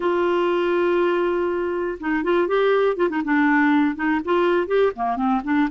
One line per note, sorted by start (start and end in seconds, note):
0.00 1.98 F4
2.00 2.23 D#4
2.23 2.47 F4
2.47 2.96 G4
2.96 3.09 F4
3.09 3.22 D#4
3.24 3.95 D4
3.95 4.20 D#4
4.24 4.67 F4
4.67 4.92 G4
4.95 5.16 A#3
5.16 5.41 C4
5.44 5.68 D4